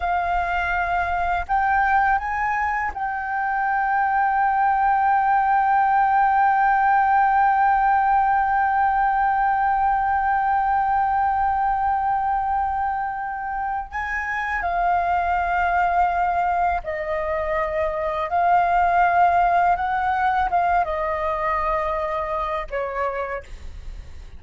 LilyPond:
\new Staff \with { instrumentName = "flute" } { \time 4/4 \tempo 4 = 82 f''2 g''4 gis''4 | g''1~ | g''1~ | g''1~ |
g''2. gis''4 | f''2. dis''4~ | dis''4 f''2 fis''4 | f''8 dis''2~ dis''8 cis''4 | }